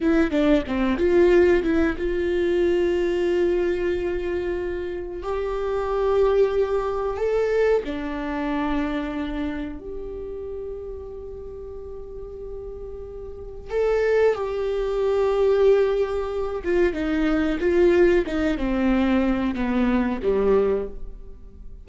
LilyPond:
\new Staff \with { instrumentName = "viola" } { \time 4/4 \tempo 4 = 92 e'8 d'8 c'8 f'4 e'8 f'4~ | f'1 | g'2. a'4 | d'2. g'4~ |
g'1~ | g'4 a'4 g'2~ | g'4. f'8 dis'4 f'4 | dis'8 c'4. b4 g4 | }